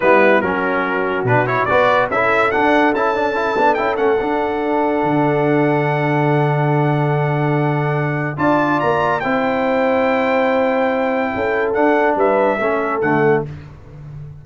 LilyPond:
<<
  \new Staff \with { instrumentName = "trumpet" } { \time 4/4 \tempo 4 = 143 b'4 ais'2 b'8 cis''8 | d''4 e''4 fis''4 a''4~ | a''4 g''8 fis''2~ fis''8~ | fis''1~ |
fis''1 | a''4 ais''4 g''2~ | g''1 | fis''4 e''2 fis''4 | }
  \new Staff \with { instrumentName = "horn" } { \time 4/4 e'4 fis'2. | b'4 a'2.~ | a'1~ | a'1~ |
a'1 | d''2 c''2~ | c''2. a'4~ | a'4 b'4 a'2 | }
  \new Staff \with { instrumentName = "trombone" } { \time 4/4 b4 cis'2 d'8 e'8 | fis'4 e'4 d'4 e'8 d'8 | e'8 d'8 e'8 cis'8 d'2~ | d'1~ |
d'1 | f'2 e'2~ | e'1 | d'2 cis'4 a4 | }
  \new Staff \with { instrumentName = "tuba" } { \time 4/4 g4 fis2 b,4 | b4 cis'4 d'4 cis'4~ | cis'8 b8 cis'8 a8 d'2 | d1~ |
d1 | d'4 ais4 c'2~ | c'2. cis'4 | d'4 g4 a4 d4 | }
>>